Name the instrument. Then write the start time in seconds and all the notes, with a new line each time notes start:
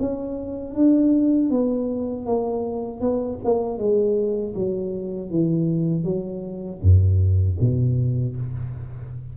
tuba
0.00 C#4
0.75 D4
1.51 B3
2.26 A#3
3.01 B3
3.45 A#3
3.78 G#3
4.55 F#3
5.30 E3
6.04 F#3
6.82 F#2
7.61 B2